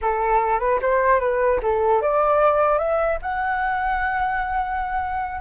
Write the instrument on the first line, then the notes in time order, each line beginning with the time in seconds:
flute
0.01 A4
0.59 B4
0.81 C5
1.19 B4
1.62 A4
2.01 D5
2.78 E5
3.22 F#5